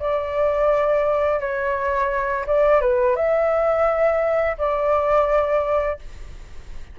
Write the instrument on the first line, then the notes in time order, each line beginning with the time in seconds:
flute
0.00 D5
1.40 C#5
2.47 D5
2.82 B4
3.16 E5
4.58 D5